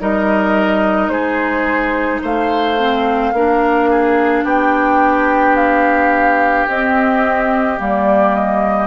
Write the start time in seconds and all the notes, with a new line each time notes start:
0.00 G3 D#4 A#4 D#5
1.09 G#3 G#4 C5
2.22 A3 C5 F5
2.78 C4
3.33 A#3 D4 A#4
3.91 G#4
4.44 B3 G4 G5
5.56 F5
6.68 C4 D#5
7.78 G3 A#3 D5
8.35 D#5